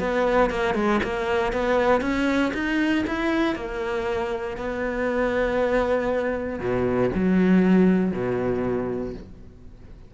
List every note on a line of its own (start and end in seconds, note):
0.00 0.51 B3
0.51 0.75 A#3
0.75 1.01 G#3
1.04 1.53 A#3
1.53 2.02 B3
2.02 2.53 C#4
2.54 3.05 D#4
3.07 3.56 E4
3.56 4.57 A#3
4.57 6.60 B3
6.60 7.11 B2
7.15 8.13 F#3
8.13 9.15 B2